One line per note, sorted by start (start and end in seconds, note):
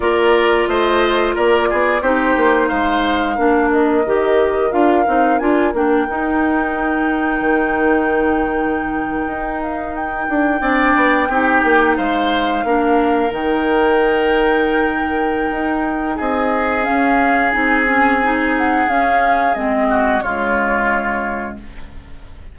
0.00 0.65 A#3
0.00 2.01 F4
0.00 0.69 A#4
0.00 0.67 D5
0.67 1.35 A3
0.67 1.34 C5
0.67 1.35 D#5
1.34 1.70 A#3
1.34 1.68 A#4
1.34 2.02 D5
1.69 2.01 B3
1.69 2.02 G#4
2.01 2.35 C4
2.01 3.36 D#4
2.01 2.68 G4
2.01 2.68 C5
2.36 2.70 A#3
2.68 3.38 G#3
2.68 3.35 C5
2.68 3.69 F5
3.35 4.05 A#3
3.35 4.04 D4
3.35 10.60 A#4
3.71 4.72 D#5
4.05 4.72 D#3
4.05 4.70 G4
4.70 5.06 D4
4.70 5.04 F4
4.70 5.38 F5
5.06 5.40 C4
5.06 5.39 D#4
5.38 5.73 D4
5.38 5.73 F4
5.38 5.72 G#5
5.73 6.07 A#3
5.73 6.07 D4
5.73 9.62 G5
6.08 10.61 D#4
6.08 7.40 D#4
7.40 9.25 D#3
9.26 10.27 D#4
9.62 9.95 F5
9.95 11.97 G5
10.28 10.60 D4
10.60 10.94 C4
10.60 11.28 D4
10.60 11.28 D5
10.95 11.28 B3
11.28 11.62 C4
11.28 12.65 D#4
11.28 11.96 G4
11.63 11.97 A#3
11.96 12.64 G#3
11.96 12.64 C5
11.96 13.32 F5
12.64 13.31 A#3
12.64 13.29 D4
12.64 16.16 A#4
13.29 15.50 D#3
13.29 16.83 D#4
13.29 16.18 G5
15.51 16.18 D#4
16.16 16.87 C4
16.16 19.87 G#4
16.16 16.84 D#5
16.83 17.50 C#4
16.83 17.51 F5
16.89 17.54 C#4
17.51 18.88 C4
17.51 17.85 D#4
17.51 18.53 G#5
17.86 18.20 C#4
18.23 18.88 D#4
18.57 18.89 F#5
18.88 19.55 C#4
18.88 19.54 F5
19.54 20.22 G#3
19.54 20.22 C4
19.54 20.21 D#5
19.89 20.23 F#4
20.21 21.56 C#3
20.21 21.58 G#3
20.21 21.57 F4
20.21 21.56 C#5